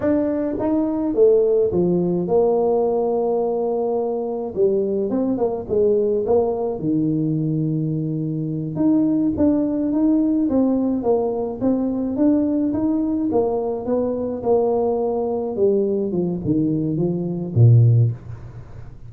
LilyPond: \new Staff \with { instrumentName = "tuba" } { \time 4/4 \tempo 4 = 106 d'4 dis'4 a4 f4 | ais1 | g4 c'8 ais8 gis4 ais4 | dis2.~ dis8 dis'8~ |
dis'8 d'4 dis'4 c'4 ais8~ | ais8 c'4 d'4 dis'4 ais8~ | ais8 b4 ais2 g8~ | g8 f8 dis4 f4 ais,4 | }